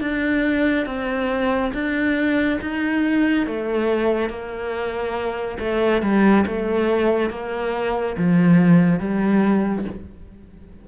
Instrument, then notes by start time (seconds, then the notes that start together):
cello
0.00 D4
0.86 C4
1.73 D4
2.61 D#4
3.46 A3
4.29 A#3
5.59 A3
6.02 G3
6.46 A3
7.30 A#3
8.17 F3
8.99 G3